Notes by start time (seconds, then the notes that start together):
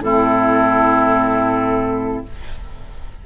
0.00 A2 C4 E4 A4